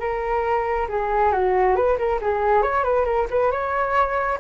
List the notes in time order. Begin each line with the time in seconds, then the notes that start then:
0.00 A#4
0.89 G#4
1.32 F#4
1.76 B4
1.98 A#4
2.22 G#4
2.63 C#5
2.84 B4
3.05 A#4
3.31 B4
3.52 C#5